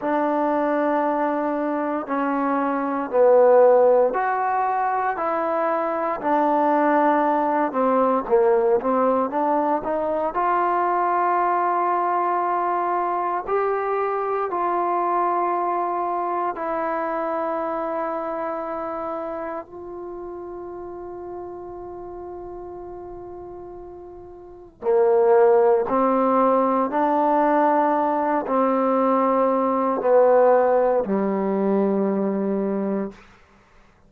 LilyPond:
\new Staff \with { instrumentName = "trombone" } { \time 4/4 \tempo 4 = 58 d'2 cis'4 b4 | fis'4 e'4 d'4. c'8 | ais8 c'8 d'8 dis'8 f'2~ | f'4 g'4 f'2 |
e'2. f'4~ | f'1 | ais4 c'4 d'4. c'8~ | c'4 b4 g2 | }